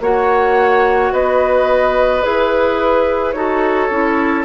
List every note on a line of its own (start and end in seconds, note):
0.00 1.11 A#3
0.00 2.22 F#4
0.00 1.12 C#5
0.00 1.13 F#5
1.12 2.23 B3
1.12 3.35 B4
1.12 2.23 D#5
2.22 3.34 E4
2.22 3.34 G#4
2.22 3.32 B4
3.32 3.90 D#4
3.32 3.91 F#4
3.32 4.45 A4
3.32 4.43 C#5
3.90 4.45 C#4
3.90 4.45 E4